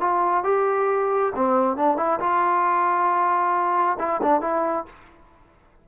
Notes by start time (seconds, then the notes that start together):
0.00 F4
0.44 G4
1.35 C4
1.76 D4
1.97 E4
2.20 F4
3.98 E4
4.22 D4
4.41 E4